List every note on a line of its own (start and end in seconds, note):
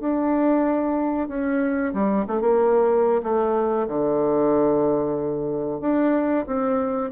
0.00 1.28 D4
1.28 1.93 C#4
1.94 2.26 G3
2.28 2.41 A3
2.41 3.22 A#3
3.23 3.88 A3
3.88 5.81 D3
5.81 6.45 D4
6.47 7.11 C4